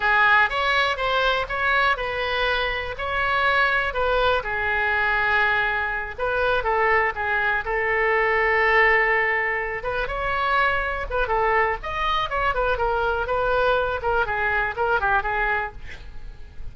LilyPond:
\new Staff \with { instrumentName = "oboe" } { \time 4/4 \tempo 4 = 122 gis'4 cis''4 c''4 cis''4 | b'2 cis''2 | b'4 gis'2.~ | gis'8 b'4 a'4 gis'4 a'8~ |
a'1 | b'8 cis''2 b'8 a'4 | dis''4 cis''8 b'8 ais'4 b'4~ | b'8 ais'8 gis'4 ais'8 g'8 gis'4 | }